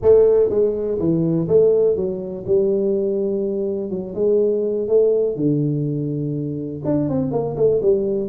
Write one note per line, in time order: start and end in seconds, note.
0.02 0.49 A3
0.49 0.98 G#3
0.99 1.47 E3
1.48 1.96 A3
1.96 2.45 F#3
2.46 3.90 G3
3.90 4.14 F#3
4.14 4.88 G#3
4.88 5.36 A3
5.36 6.82 D3
6.84 7.09 D4
7.09 7.31 C4
7.31 7.56 A#3
7.56 7.80 A3
7.82 8.28 G3